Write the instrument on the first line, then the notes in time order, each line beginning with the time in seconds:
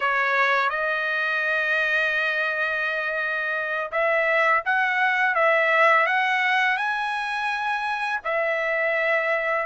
trumpet
0.00 C#5
0.69 D#5
3.91 E5
4.65 F#5
5.34 E5
6.06 F#5
6.77 G#5
8.24 E5